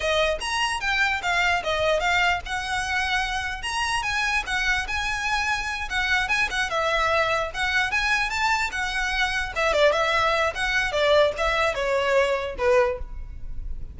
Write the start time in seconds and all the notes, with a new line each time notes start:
0.00 D#5
0.40 A#5
0.80 G5
1.22 F5
1.63 D#5
2.00 F5
2.45 F#5
3.62 A#5
4.02 G#5
4.46 F#5
4.87 G#5
5.89 F#5
6.28 G#5
6.50 F#5
6.69 E5
7.54 F#5
7.91 G#5
8.30 A5
8.71 F#5
9.55 E5
9.73 D5
9.92 E5
10.55 F#5
10.92 D5
11.37 E5
11.74 C#5
12.57 B4